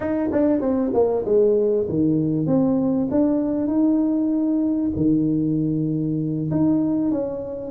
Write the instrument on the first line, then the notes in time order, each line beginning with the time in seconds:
tuba
0.00 D#4
0.32 D4
0.60 C4
0.93 A#3
1.25 G#3
1.88 D#3
2.46 C4
3.10 D4
3.67 D#4
4.95 D#3
6.50 D#4
7.11 C#4